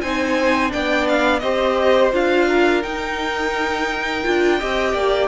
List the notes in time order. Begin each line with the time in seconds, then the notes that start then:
0.00 C4 D#4 C5 G#5
0.69 B3 D4 D5 G5
1.08 F5
1.39 C4 G4 C5 D#5
2.11 D4 F4 F5
2.47 A#4
2.82 D#4 G5
4.24 D4 F4
4.58 C4 G4 D#5
4.93 A#3 D5